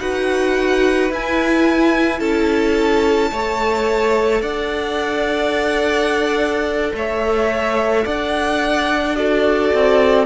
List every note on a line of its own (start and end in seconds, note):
0.00 1.10 D#4
0.00 1.12 F#4
0.00 2.20 B4
0.00 1.11 F#5
1.10 2.20 E4
1.10 3.34 E4
1.10 2.20 G#5
2.20 3.31 C#4
2.20 3.31 A4
2.20 4.42 A5
3.31 4.42 A3
3.31 9.16 A4
3.31 4.41 C#5
4.41 6.92 D4
4.41 6.91 D5
4.41 6.93 F#5
6.94 8.05 A3
6.94 8.05 C#5
6.94 8.06 E5
8.05 9.72 D4
8.05 9.16 D5
8.05 9.16 F#5
9.16 10.26 F#4
9.16 10.26 A4
9.16 10.26 D5
9.73 10.26 C4